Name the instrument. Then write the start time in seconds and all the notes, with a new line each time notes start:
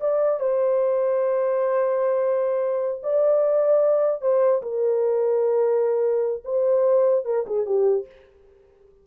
horn
0.00 D5
0.40 C5
3.03 D5
4.22 C5
4.62 A#4
6.44 C5
7.25 A#4
7.46 G#4
7.66 G4